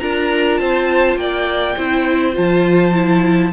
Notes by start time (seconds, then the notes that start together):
0.00 D4 F4 A#4 A#5
0.58 C4 C5 A5
1.16 A#3 D5 G5
1.76 C4 E4 C5
2.34 F3 F4 A5
2.94 E4